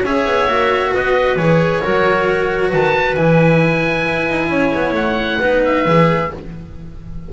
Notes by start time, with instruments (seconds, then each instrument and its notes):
0.00 double bass C#4, cello G#4, clarinet C#5, oboe E5
0.25 double bass B3
0.47 double bass A#3, cello F#4
0.93 double bass B3, clarinet B4, oboe D#5
1.36 double bass E3, cello G#4, oboe C#5
1.82 double bass F#3, cello F#4, clarinet A#4
2.68 double bass D#3, clarinet B4, oboe A5
3.15 double bass E3, cello E4, oboe G#5
4.07 double bass E4
4.29 double bass D#4
4.49 double bass C#4, clarinet C#5
4.74 double bass B3
4.92 double bass A3, oboe F#5
5.40 double bass B3, cello D#4, clarinet B4
5.64 oboe E5
5.85 double bass E3, cello G#4